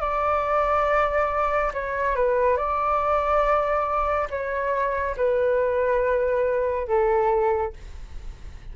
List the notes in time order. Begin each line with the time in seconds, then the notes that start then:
0.00 D5
1.73 C#5
2.15 B4
2.56 D5
4.30 C#5
5.16 B4
6.87 A4